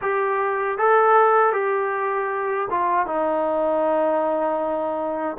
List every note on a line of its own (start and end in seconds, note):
0.01 0.78 G4
0.78 1.52 A4
1.52 2.67 G4
2.70 3.06 F4
3.06 5.37 D#4